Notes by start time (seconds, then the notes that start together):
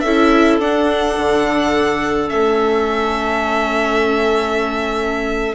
0.00 C#4 A4 E5
0.06 E4
0.59 D4 F#5
1.17 D3
2.28 A3 C#4 E5